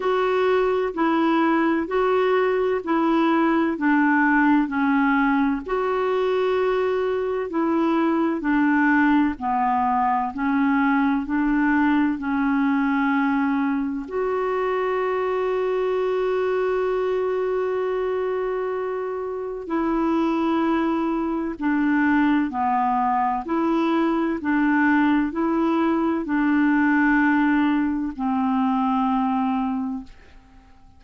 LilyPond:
\new Staff \with { instrumentName = "clarinet" } { \time 4/4 \tempo 4 = 64 fis'4 e'4 fis'4 e'4 | d'4 cis'4 fis'2 | e'4 d'4 b4 cis'4 | d'4 cis'2 fis'4~ |
fis'1~ | fis'4 e'2 d'4 | b4 e'4 d'4 e'4 | d'2 c'2 | }